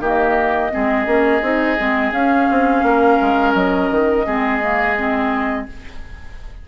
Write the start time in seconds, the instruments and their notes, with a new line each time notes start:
0.00 bassoon D#3, clarinet A#3, oboe G4, flute D#5
0.71 bassoon G#3, clarinet C4, oboe G#4
1.06 bassoon A#3, clarinet C#4
1.42 bassoon C4, clarinet D#4
1.78 bassoon G#3, clarinet C4
2.12 bassoon C#4, clarinet C#4, flute F5
2.51 bassoon C4
2.83 bassoon A#3, oboe A#4
3.22 bassoon G#3
3.54 bassoon F#3, flute D#5
3.91 bassoon D#3
4.26 bassoon G#3, clarinet C4, oboe G#4
4.61 clarinet A#3
4.97 clarinet C4